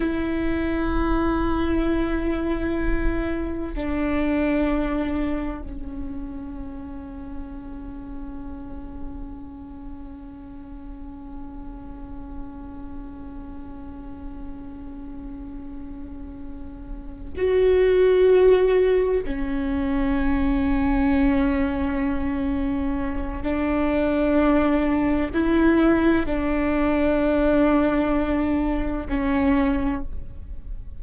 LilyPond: \new Staff \with { instrumentName = "viola" } { \time 4/4 \tempo 4 = 64 e'1 | d'2 cis'2~ | cis'1~ | cis'1~ |
cis'2~ cis'8 fis'4.~ | fis'8 cis'2.~ cis'8~ | cis'4 d'2 e'4 | d'2. cis'4 | }